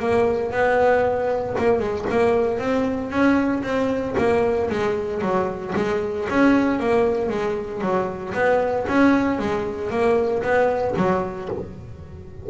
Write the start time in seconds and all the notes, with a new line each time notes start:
0.00 A#3
0.52 B3
1.58 A#3
1.79 G#3
2.10 A#3
2.59 C4
3.11 C#4
3.63 C4
4.18 A#3
4.70 G#3
5.22 F#3
5.76 G#3
6.30 C#4
6.80 A#3
7.29 G#3
7.82 F#3
8.35 B3
8.89 C#4
9.39 G#3
9.91 A#3
10.43 B3
10.97 F#3